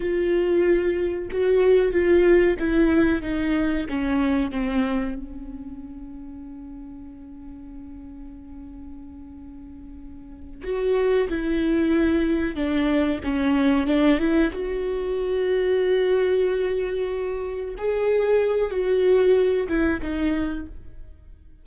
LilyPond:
\new Staff \with { instrumentName = "viola" } { \time 4/4 \tempo 4 = 93 f'2 fis'4 f'4 | e'4 dis'4 cis'4 c'4 | cis'1~ | cis'1~ |
cis'8 fis'4 e'2 d'8~ | d'8 cis'4 d'8 e'8 fis'4.~ | fis'2.~ fis'8 gis'8~ | gis'4 fis'4. e'8 dis'4 | }